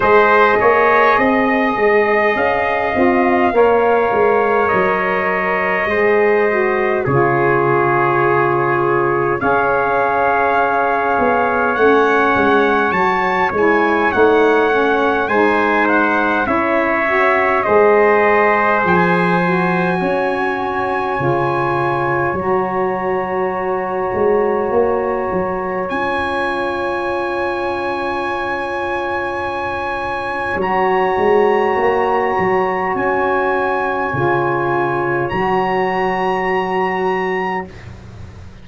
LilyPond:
<<
  \new Staff \with { instrumentName = "trumpet" } { \time 4/4 \tempo 4 = 51 dis''2 f''2 | dis''2 cis''2 | f''2 fis''4 a''8 gis''8 | fis''4 gis''8 fis''8 e''4 dis''4 |
gis''2. ais''4~ | ais''2 gis''2~ | gis''2 ais''2 | gis''2 ais''2 | }
  \new Staff \with { instrumentName = "trumpet" } { \time 4/4 c''8 cis''8 dis''2 cis''4~ | cis''4 c''4 gis'2 | cis''1~ | cis''4 c''4 cis''4 c''4~ |
c''4 cis''2.~ | cis''1~ | cis''1~ | cis''1 | }
  \new Staff \with { instrumentName = "saxophone" } { \time 4/4 gis'2~ gis'8 f'8 ais'4~ | ais'4 gis'8 fis'8 f'2 | gis'2 cis'4 fis'8 e'8 | dis'8 cis'8 dis'4 e'8 fis'8 gis'4~ |
gis'8 fis'4. f'4 fis'4~ | fis'2 f'2~ | f'2 fis'2~ | fis'4 f'4 fis'2 | }
  \new Staff \with { instrumentName = "tuba" } { \time 4/4 gis8 ais8 c'8 gis8 cis'8 c'8 ais8 gis8 | fis4 gis4 cis2 | cis'4. b8 a8 gis8 fis8 gis8 | a4 gis4 cis'4 gis4 |
f4 cis'4 cis4 fis4~ | fis8 gis8 ais8 fis8 cis'2~ | cis'2 fis8 gis8 ais8 fis8 | cis'4 cis4 fis2 | }
>>